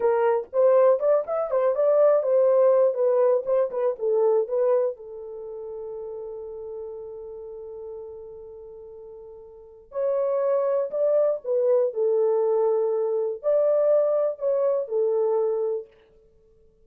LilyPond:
\new Staff \with { instrumentName = "horn" } { \time 4/4 \tempo 4 = 121 ais'4 c''4 d''8 e''8 c''8 d''8~ | d''8 c''4. b'4 c''8 b'8 | a'4 b'4 a'2~ | a'1~ |
a'1 | cis''2 d''4 b'4 | a'2. d''4~ | d''4 cis''4 a'2 | }